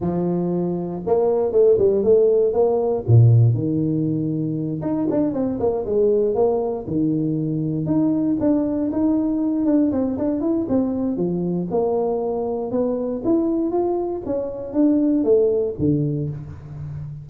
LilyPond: \new Staff \with { instrumentName = "tuba" } { \time 4/4 \tempo 4 = 118 f2 ais4 a8 g8 | a4 ais4 ais,4 dis4~ | dis4. dis'8 d'8 c'8 ais8 gis8~ | gis8 ais4 dis2 dis'8~ |
dis'8 d'4 dis'4. d'8 c'8 | d'8 e'8 c'4 f4 ais4~ | ais4 b4 e'4 f'4 | cis'4 d'4 a4 d4 | }